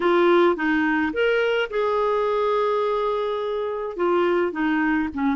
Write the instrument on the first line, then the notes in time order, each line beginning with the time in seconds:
clarinet
0.00 F4
0.55 D#4
1.13 A#4
1.70 G#4
3.96 F4
4.52 D#4
5.14 C#4